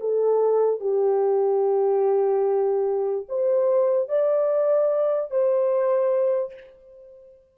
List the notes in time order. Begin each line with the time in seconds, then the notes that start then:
0.00 A4
0.80 G4
3.28 C5
4.08 D5
5.31 C5